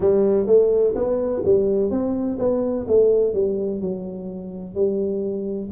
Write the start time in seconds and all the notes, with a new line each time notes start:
0.00 G3
0.46 A3
0.95 B3
1.45 G3
1.90 C4
2.39 B3
2.87 A3
3.33 G3
3.81 F#3
4.74 G3